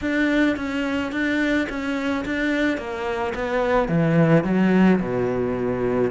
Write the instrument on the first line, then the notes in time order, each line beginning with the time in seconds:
cello
0.01 D4
0.56 C#4
1.12 D4
1.69 C#4
2.25 D4
2.77 A#3
3.34 B3
3.88 E3
4.43 F#3
4.99 B2